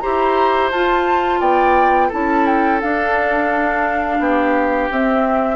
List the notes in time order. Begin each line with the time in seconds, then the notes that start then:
0.00 E4 G4 C5 A#5
0.71 F4 A5
1.40 B3 D5 G5
2.08 C#4 E4 A4 A5
2.46 G5
2.81 D4 F5
4.19 B3 G4
4.91 C4 E5